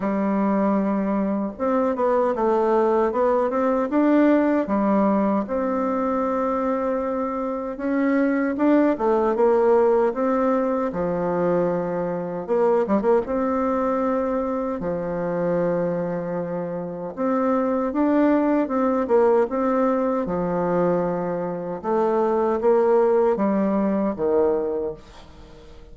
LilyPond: \new Staff \with { instrumentName = "bassoon" } { \time 4/4 \tempo 4 = 77 g2 c'8 b8 a4 | b8 c'8 d'4 g4 c'4~ | c'2 cis'4 d'8 a8 | ais4 c'4 f2 |
ais8 g16 ais16 c'2 f4~ | f2 c'4 d'4 | c'8 ais8 c'4 f2 | a4 ais4 g4 dis4 | }